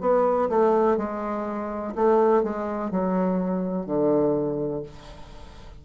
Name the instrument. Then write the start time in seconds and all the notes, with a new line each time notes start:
bassoon
0.00 B3
0.49 A3
0.97 G#3
1.94 A3
2.43 G#3
2.90 F#3
3.86 D3